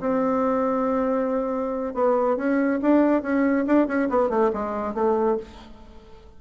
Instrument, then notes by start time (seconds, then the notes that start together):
bassoon
0.00 C4
1.94 B3
2.36 C#4
2.82 D4
3.22 C#4
3.66 D4
3.87 C#4
4.09 B3
4.29 A3
4.53 G#3
4.94 A3